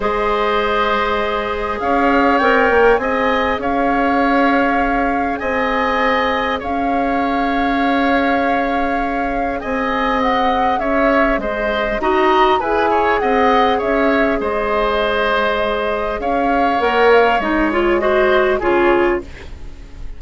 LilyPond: <<
  \new Staff \with { instrumentName = "flute" } { \time 4/4 \tempo 4 = 100 dis''2. f''4 | g''4 gis''4 f''2~ | f''4 gis''2 f''4~ | f''1 |
gis''4 fis''4 e''4 dis''4 | ais''4 gis''4 fis''4 e''4 | dis''2. f''4 | fis''8 f''8 dis''8 cis''8 dis''4 cis''4 | }
  \new Staff \with { instrumentName = "oboe" } { \time 4/4 c''2. cis''4~ | cis''4 dis''4 cis''2~ | cis''4 dis''2 cis''4~ | cis''1 |
dis''2 cis''4 c''4 | dis''4 b'8 cis''8 dis''4 cis''4 | c''2. cis''4~ | cis''2 c''4 gis'4 | }
  \new Staff \with { instrumentName = "clarinet" } { \time 4/4 gis'1 | ais'4 gis'2.~ | gis'1~ | gis'1~ |
gis'1 | fis'4 gis'2.~ | gis'1 | ais'4 dis'8 f'8 fis'4 f'4 | }
  \new Staff \with { instrumentName = "bassoon" } { \time 4/4 gis2. cis'4 | c'8 ais8 c'4 cis'2~ | cis'4 c'2 cis'4~ | cis'1 |
c'2 cis'4 gis4 | dis'4 e'4 c'4 cis'4 | gis2. cis'4 | ais4 gis2 cis4 | }
>>